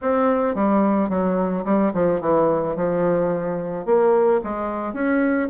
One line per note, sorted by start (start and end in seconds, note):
0.01 0.54 C4
0.54 1.09 G3
1.09 1.64 F#3
1.65 1.92 G3
1.93 2.20 F3
2.20 2.75 E3
2.76 3.85 F3
3.85 4.40 A#3
4.43 4.93 G#3
4.93 5.48 C#4